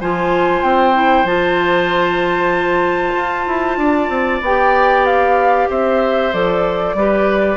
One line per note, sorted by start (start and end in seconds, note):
0.00 0.62 F3
0.00 0.94 F4
0.00 3.79 C5
0.00 0.63 G#5
0.62 1.24 C4
0.62 1.26 G5
0.94 1.25 E4
1.24 3.14 F3
1.24 4.42 F4
1.24 4.42 A5
3.14 3.46 F4
3.47 3.77 E4
3.77 4.09 D4
3.77 5.69 D5
4.09 4.40 C4
4.41 5.67 B3
4.41 6.33 G4
4.41 5.05 G5
5.05 5.69 F5
5.69 6.33 C4
5.69 6.96 C5
5.69 6.33 E5
6.33 6.94 F3
6.33 6.96 A4
6.33 7.57 D5
6.94 7.57 G3
6.94 7.57 G4
6.94 7.57 B4